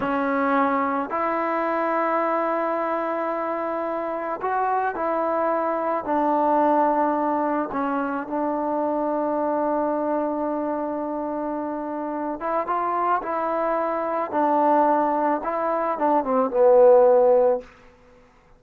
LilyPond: \new Staff \with { instrumentName = "trombone" } { \time 4/4 \tempo 4 = 109 cis'2 e'2~ | e'1 | fis'4 e'2 d'4~ | d'2 cis'4 d'4~ |
d'1~ | d'2~ d'8 e'8 f'4 | e'2 d'2 | e'4 d'8 c'8 b2 | }